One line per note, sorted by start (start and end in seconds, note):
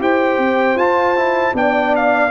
0.00 0.38 E4
0.00 0.77 G4
0.00 1.55 C5
0.00 0.78 G5
0.38 0.75 C4
0.75 1.52 F4
0.75 1.17 F4
0.75 1.55 A5
1.17 1.54 E4
1.54 2.31 B3
1.54 2.31 D4
1.54 2.31 D5
1.54 1.95 G5
1.96 2.31 F5